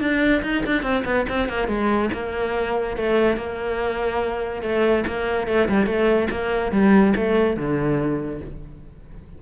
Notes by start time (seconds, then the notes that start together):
0.00 D4
0.43 D#4
0.65 D4
0.82 C4
1.05 B3
1.29 C4
1.48 A#3
1.67 G#3
2.13 A#3
2.96 A3
3.36 A#3
4.62 A3
5.07 A#3
5.47 A3
5.68 G3
5.86 A3
6.30 A#3
6.72 G3
7.16 A3
7.56 D3